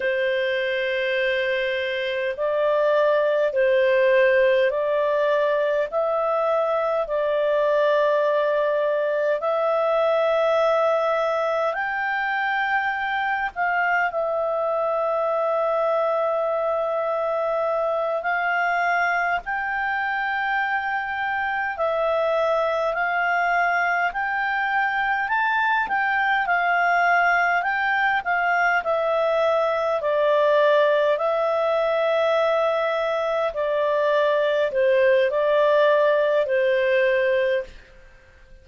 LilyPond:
\new Staff \with { instrumentName = "clarinet" } { \time 4/4 \tempo 4 = 51 c''2 d''4 c''4 | d''4 e''4 d''2 | e''2 g''4. f''8 | e''2.~ e''8 f''8~ |
f''8 g''2 e''4 f''8~ | f''8 g''4 a''8 g''8 f''4 g''8 | f''8 e''4 d''4 e''4.~ | e''8 d''4 c''8 d''4 c''4 | }